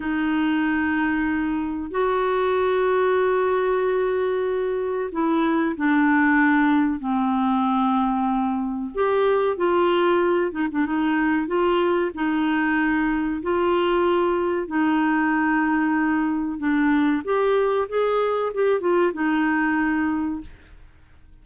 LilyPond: \new Staff \with { instrumentName = "clarinet" } { \time 4/4 \tempo 4 = 94 dis'2. fis'4~ | fis'1 | e'4 d'2 c'4~ | c'2 g'4 f'4~ |
f'8 dis'16 d'16 dis'4 f'4 dis'4~ | dis'4 f'2 dis'4~ | dis'2 d'4 g'4 | gis'4 g'8 f'8 dis'2 | }